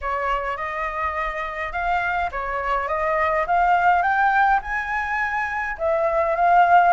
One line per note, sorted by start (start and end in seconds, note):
0.01 0.56 C#5
0.56 1.72 D#5
1.72 2.29 F5
2.31 2.87 C#5
2.87 3.45 D#5
3.46 4.02 F5
4.02 4.60 G5
4.62 5.77 G#5
5.77 6.35 E5
6.35 6.93 F5